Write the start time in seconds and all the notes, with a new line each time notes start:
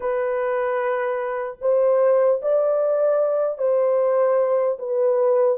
0.00 B4
1.61 C5
2.41 D5
3.58 C5
4.79 B4